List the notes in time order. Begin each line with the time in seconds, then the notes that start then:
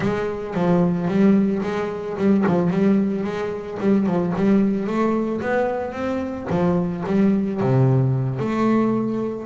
0.00 G#3
0.54 F3
1.07 G3
1.62 G#3
2.17 G3
2.46 F3
2.70 G3
3.24 G#3
3.80 G3
4.06 F3
4.36 G3
4.86 A3
5.41 B3
5.92 C4
6.50 F3
7.06 G3
7.60 C3
8.39 A3